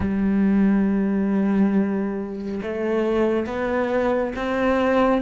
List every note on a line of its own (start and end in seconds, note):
0.00 2.61 G3
2.62 3.46 A3
3.46 4.33 B3
4.35 5.21 C4